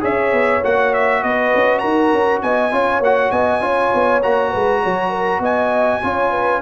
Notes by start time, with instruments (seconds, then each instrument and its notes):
0.00 tuba C#4, trombone G#4, horn C#5, trumpet E5
0.32 tuba B3
0.63 tuba A#3, trombone F#4, trumpet F#5
0.93 trumpet E5
1.21 tuba B3, horn B4, trumpet D#5
1.54 tuba C#4
1.79 tuba D#4, horn A#4, trumpet A#5
2.12 tuba C#4
2.42 tuba B3, horn D#5, trumpet G#5
2.71 tuba C#4, trombone F4, horn C#5
3.00 tuba A#3, trombone F#4, trumpet F#5
3.31 tuba B3, horn D#5, trumpet G#5
3.60 tuba C#4, trombone F4, horn C#5
3.94 tuba B3
4.22 tuba A#3, trombone F#4, trumpet A#5
4.50 tuba G#3, horn B4
4.83 tuba F#3, horn C#5
5.10 horn A#4
5.39 tuba B3, horn D#5, trumpet G#5
6.02 tuba C#4, trombone F4, horn C#5
6.31 horn B4